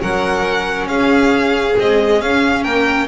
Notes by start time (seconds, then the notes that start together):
0.00 F#3 C#4 A#4 F#5
0.87 C#4 G#4 F5
1.78 G#3 C4 D#5
2.22 C#4 F5
2.64 A#3 A#4 G5